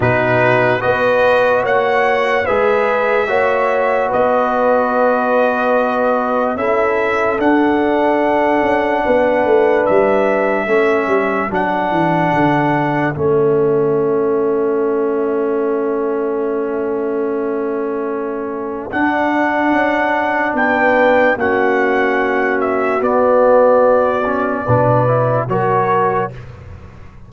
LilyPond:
<<
  \new Staff \with { instrumentName = "trumpet" } { \time 4/4 \tempo 4 = 73 b'4 dis''4 fis''4 e''4~ | e''4 dis''2. | e''4 fis''2. | e''2 fis''2 |
e''1~ | e''2. fis''4~ | fis''4 g''4 fis''4. e''8 | d''2. cis''4 | }
  \new Staff \with { instrumentName = "horn" } { \time 4/4 fis'4 b'4 cis''4 b'4 | cis''4 b'2. | a'2. b'4~ | b'4 a'2.~ |
a'1~ | a'1~ | a'4 b'4 fis'2~ | fis'2 b'4 ais'4 | }
  \new Staff \with { instrumentName = "trombone" } { \time 4/4 dis'4 fis'2 gis'4 | fis'1 | e'4 d'2.~ | d'4 cis'4 d'2 |
cis'1~ | cis'2. d'4~ | d'2 cis'2 | b4. cis'8 d'8 e'8 fis'4 | }
  \new Staff \with { instrumentName = "tuba" } { \time 4/4 b,4 b4 ais4 gis4 | ais4 b2. | cis'4 d'4. cis'8 b8 a8 | g4 a8 g8 fis8 e8 d4 |
a1~ | a2. d'4 | cis'4 b4 ais2 | b2 b,4 fis4 | }
>>